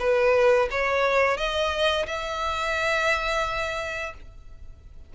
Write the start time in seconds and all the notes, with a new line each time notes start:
0.00 B4
0.71 C#5
1.38 D#5
2.07 E5